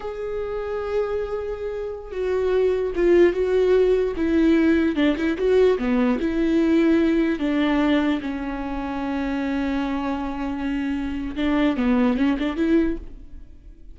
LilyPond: \new Staff \with { instrumentName = "viola" } { \time 4/4 \tempo 4 = 148 gis'1~ | gis'4~ gis'16 fis'2 f'8.~ | f'16 fis'2 e'4.~ e'16~ | e'16 d'8 e'8 fis'4 b4 e'8.~ |
e'2~ e'16 d'4.~ d'16~ | d'16 cis'2.~ cis'8.~ | cis'1 | d'4 b4 cis'8 d'8 e'4 | }